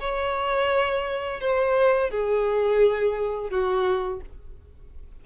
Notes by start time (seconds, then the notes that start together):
0.00 C#5
1.41 C5
2.10 G#4
3.50 F#4